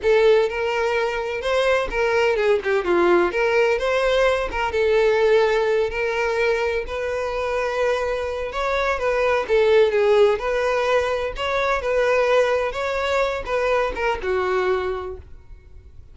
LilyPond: \new Staff \with { instrumentName = "violin" } { \time 4/4 \tempo 4 = 127 a'4 ais'2 c''4 | ais'4 gis'8 g'8 f'4 ais'4 | c''4. ais'8 a'2~ | a'8 ais'2 b'4.~ |
b'2 cis''4 b'4 | a'4 gis'4 b'2 | cis''4 b'2 cis''4~ | cis''8 b'4 ais'8 fis'2 | }